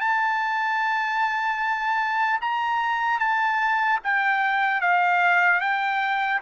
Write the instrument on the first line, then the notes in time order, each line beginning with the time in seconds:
trumpet
0.00 A5
2.41 A#5
3.19 A5
4.04 G5
4.81 F5
5.60 G5